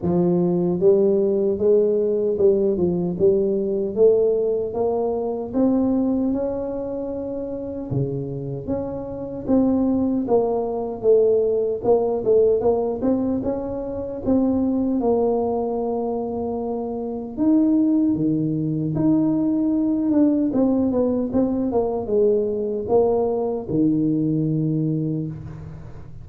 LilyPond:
\new Staff \with { instrumentName = "tuba" } { \time 4/4 \tempo 4 = 76 f4 g4 gis4 g8 f8 | g4 a4 ais4 c'4 | cis'2 cis4 cis'4 | c'4 ais4 a4 ais8 a8 |
ais8 c'8 cis'4 c'4 ais4~ | ais2 dis'4 dis4 | dis'4. d'8 c'8 b8 c'8 ais8 | gis4 ais4 dis2 | }